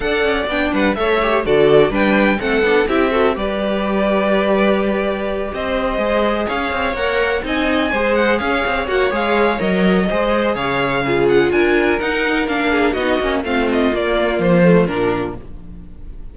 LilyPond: <<
  \new Staff \with { instrumentName = "violin" } { \time 4/4 \tempo 4 = 125 fis''4 g''8 fis''8 e''4 d''4 | g''4 fis''4 e''4 d''4~ | d''2.~ d''8 dis''8~ | dis''4. f''4 fis''4 gis''8~ |
gis''4 fis''8 f''4 fis''8 f''4 | dis''2 f''4. fis''8 | gis''4 fis''4 f''4 dis''4 | f''8 dis''8 d''4 c''4 ais'4 | }
  \new Staff \with { instrumentName = "violin" } { \time 4/4 d''4. b'8 cis''4 a'4 | b'4 a'4 g'8 a'8 b'4~ | b'2.~ b'8 c''8~ | c''4. cis''2 dis''8~ |
dis''8 c''4 cis''2~ cis''8~ | cis''4 c''4 cis''4 gis'4 | ais'2~ ais'8 gis'8 fis'4 | f'1 | }
  \new Staff \with { instrumentName = "viola" } { \time 4/4 a'4 d'4 a'8 g'8 fis'4 | d'4 c'8 d'8 e'8 fis'8 g'4~ | g'1~ | g'8 gis'2 ais'4 dis'8~ |
dis'8 gis'2 fis'8 gis'4 | ais'4 gis'2 f'4~ | f'4 dis'4 d'4 dis'8 cis'8 | c'4 ais4. a8 d'4 | }
  \new Staff \with { instrumentName = "cello" } { \time 4/4 d'8 cis'8 b8 g8 a4 d4 | g4 a8 b8 c'4 g4~ | g2.~ g8 c'8~ | c'8 gis4 cis'8 c'8 ais4 c'8~ |
c'8 gis4 cis'8 c'8 ais8 gis4 | fis4 gis4 cis2 | d'4 dis'4 ais4 b8 ais8 | a4 ais4 f4 ais,4 | }
>>